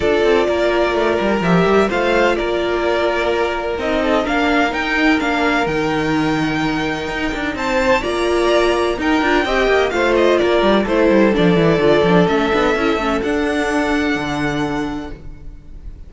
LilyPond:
<<
  \new Staff \with { instrumentName = "violin" } { \time 4/4 \tempo 4 = 127 d''2. e''4 | f''4 d''2. | dis''4 f''4 g''4 f''4 | g''1 |
a''4 ais''2 g''4~ | g''4 f''8 dis''8 d''4 c''4 | d''2 e''2 | fis''1 | }
  \new Staff \with { instrumentName = "violin" } { \time 4/4 a'4 ais'2. | c''4 ais'2.~ | ais'8 a'8 ais'2.~ | ais'1 |
c''4 d''2 ais'4 | dis''4 c''4 ais'4 a'4~ | a'1~ | a'1 | }
  \new Staff \with { instrumentName = "viola" } { \time 4/4 f'2. g'4 | f'1 | dis'4 d'4 dis'4 d'4 | dis'1~ |
dis'4 f'2 dis'8 f'8 | g'4 f'2 e'4 | d'8 e'8 f'8 d'8 cis'8 d'8 e'8 cis'8 | d'1 | }
  \new Staff \with { instrumentName = "cello" } { \time 4/4 d'8 c'8 ais4 a8 g8 f8 g8 | a4 ais2. | c'4 ais4 dis'4 ais4 | dis2. dis'8 d'8 |
c'4 ais2 dis'8 d'8 | c'8 ais8 a4 ais8 g8 a8 g8 | f8 e8 d8 f8 a8 b8 cis'8 a8 | d'2 d2 | }
>>